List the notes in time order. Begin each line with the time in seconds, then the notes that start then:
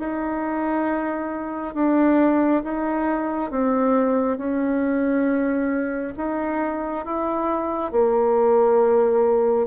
0.00 D#4
1.75 D4
2.64 D#4
3.51 C4
4.38 C#4
6.17 D#4
7.05 E4
7.92 A#3